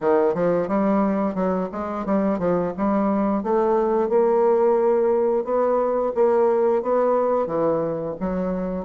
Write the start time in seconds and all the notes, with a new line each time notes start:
0.01 D#3
0.34 F3
0.68 G3
1.34 F#3
1.71 G#3
2.05 G3
2.39 F3
2.77 G3
3.43 A3
4.09 A#3
5.44 B3
6.14 A#3
6.82 B3
7.47 E3
8.20 F#3